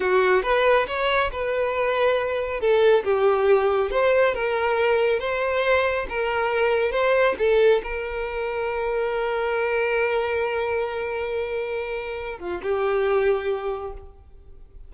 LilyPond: \new Staff \with { instrumentName = "violin" } { \time 4/4 \tempo 4 = 138 fis'4 b'4 cis''4 b'4~ | b'2 a'4 g'4~ | g'4 c''4 ais'2 | c''2 ais'2 |
c''4 a'4 ais'2~ | ais'1~ | ais'1~ | ais'8 f'8 g'2. | }